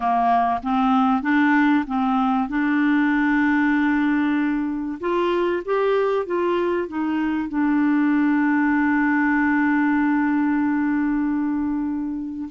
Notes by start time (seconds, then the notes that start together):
0.00 A#3
0.62 C4
1.22 D4
1.87 C4
2.48 D4
5.00 F4
5.65 G4
6.26 F4
6.88 D#4
7.48 D4